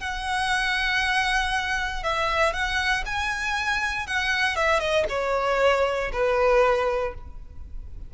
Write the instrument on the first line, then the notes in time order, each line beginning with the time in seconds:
violin
0.00 F#5
2.03 E5
2.53 F#5
3.06 G#5
4.07 F#5
4.56 E5
4.80 D#5
5.09 C#5
6.12 B4